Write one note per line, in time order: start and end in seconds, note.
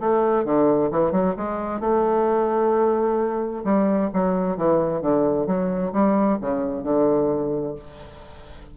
0.00 0.45 A3
0.45 0.90 D3
0.91 1.12 E3
1.12 1.35 F#3
1.37 1.80 G#3
1.80 3.63 A3
3.64 4.10 G3
4.14 4.57 F#3
4.57 5.02 E3
5.02 5.47 D3
5.47 5.93 F#3
5.93 6.39 G3
6.41 6.83 C#3
6.83 7.75 D3